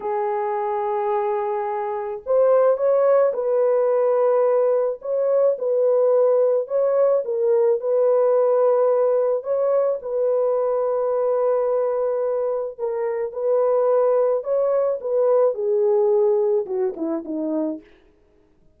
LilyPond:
\new Staff \with { instrumentName = "horn" } { \time 4/4 \tempo 4 = 108 gis'1 | c''4 cis''4 b'2~ | b'4 cis''4 b'2 | cis''4 ais'4 b'2~ |
b'4 cis''4 b'2~ | b'2. ais'4 | b'2 cis''4 b'4 | gis'2 fis'8 e'8 dis'4 | }